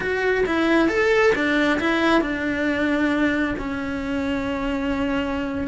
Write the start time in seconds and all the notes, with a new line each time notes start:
0.00 F#4
0.45 E4
0.88 A4
1.35 D4
1.79 E4
2.21 D4
3.58 C#4